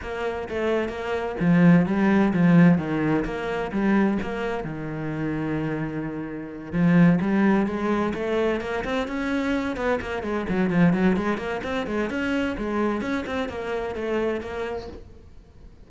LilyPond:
\new Staff \with { instrumentName = "cello" } { \time 4/4 \tempo 4 = 129 ais4 a4 ais4 f4 | g4 f4 dis4 ais4 | g4 ais4 dis2~ | dis2~ dis8 f4 g8~ |
g8 gis4 a4 ais8 c'8 cis'8~ | cis'4 b8 ais8 gis8 fis8 f8 fis8 | gis8 ais8 c'8 gis8 cis'4 gis4 | cis'8 c'8 ais4 a4 ais4 | }